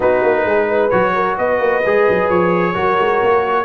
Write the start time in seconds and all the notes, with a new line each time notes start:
0.00 B3 D#4 F#4 B4
0.22 A#3
0.44 G#3 G#4
0.67 B4
0.89 F#3 F#4 C#5
1.14 A#4
1.38 B3 B4 D#5
1.59 A#3
1.85 G#3 G#4
2.09 F#3
2.29 F3 C#5
2.73 F#3 F#4 A#4
3.00 G#3
3.23 A#3